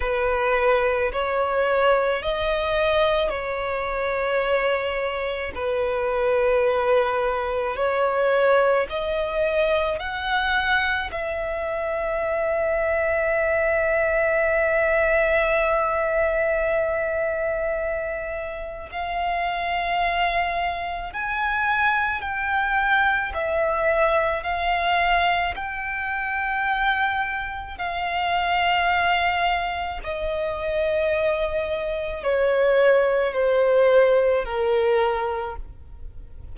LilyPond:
\new Staff \with { instrumentName = "violin" } { \time 4/4 \tempo 4 = 54 b'4 cis''4 dis''4 cis''4~ | cis''4 b'2 cis''4 | dis''4 fis''4 e''2~ | e''1~ |
e''4 f''2 gis''4 | g''4 e''4 f''4 g''4~ | g''4 f''2 dis''4~ | dis''4 cis''4 c''4 ais'4 | }